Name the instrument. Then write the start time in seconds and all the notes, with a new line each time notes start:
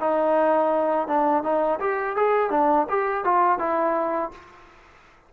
trombone
0.00 D#4
1.08 D4
1.43 D#4
1.80 G4
2.17 G#4
2.51 D4
2.89 G4
3.25 F4
3.59 E4